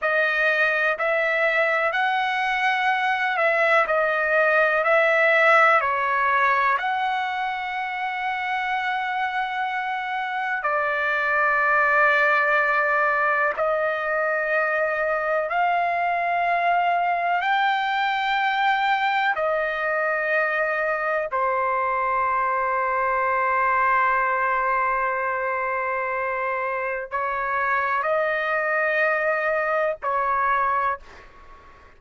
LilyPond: \new Staff \with { instrumentName = "trumpet" } { \time 4/4 \tempo 4 = 62 dis''4 e''4 fis''4. e''8 | dis''4 e''4 cis''4 fis''4~ | fis''2. d''4~ | d''2 dis''2 |
f''2 g''2 | dis''2 c''2~ | c''1 | cis''4 dis''2 cis''4 | }